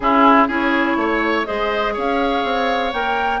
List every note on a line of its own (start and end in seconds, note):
0.00 0.47 C#3
0.00 0.48 C#4
0.00 0.47 E4
0.00 0.48 G#4
0.47 0.96 C#4
0.47 1.45 E4
0.47 0.96 G#4
0.47 1.45 C#5
0.96 1.45 A3
0.96 1.47 C#5
1.45 1.97 G#3
1.45 2.91 G#4
1.45 1.93 C5
1.45 1.93 D#5
1.93 2.44 C#4
1.93 3.40 C#5
1.93 2.93 F5
2.44 2.92 C4
2.92 3.40 A#3
2.92 3.40 A#4
2.92 3.40 G5